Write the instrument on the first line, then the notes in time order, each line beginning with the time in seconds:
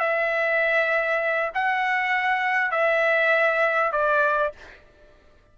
trumpet
0.00 E5
1.55 F#5
2.72 E5
3.92 D5